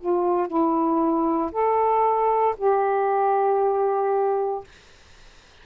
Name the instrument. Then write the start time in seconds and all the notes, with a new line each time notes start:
saxophone
0.00 F4
0.47 E4
1.52 A4
2.57 G4